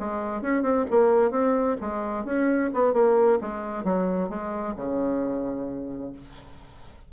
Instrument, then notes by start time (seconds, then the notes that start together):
bassoon
0.00 G#3
0.42 C#4
0.63 C4
0.90 A#3
1.31 C4
1.81 G#3
2.25 C#4
2.74 B3
2.94 A#3
3.41 G#3
3.84 F#3
4.29 G#3
4.76 C#3